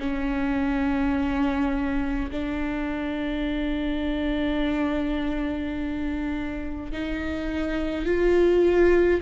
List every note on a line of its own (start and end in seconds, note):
0.00 2.31 C#4
2.32 6.92 D4
6.92 8.06 D#4
8.06 9.21 F4